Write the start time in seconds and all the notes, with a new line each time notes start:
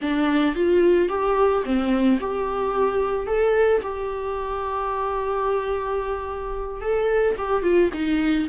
0.01 D4
0.55 F4
1.09 G4
1.64 C4
2.20 G4
3.27 A4
3.82 G4
6.81 A4
7.38 G4
7.62 F4
7.93 D#4